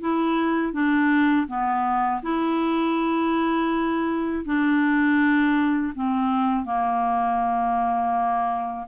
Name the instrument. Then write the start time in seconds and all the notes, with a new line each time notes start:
clarinet
0.00 E4
0.73 D4
1.47 B3
2.22 E4
4.44 D4
5.95 C4
6.65 A#3